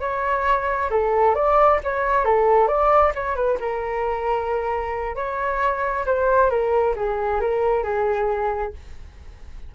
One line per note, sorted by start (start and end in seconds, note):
0.00 0.90 C#5
0.90 1.34 A4
1.34 1.79 D5
1.83 2.24 C#5
2.24 2.67 A4
2.67 3.12 D5
3.15 3.35 C#5
3.35 3.58 B4
3.60 5.15 A#4
5.15 6.05 C#5
6.06 6.50 C5
6.50 6.94 A#4
6.95 7.40 G#4
7.40 7.83 A#4
7.83 8.73 G#4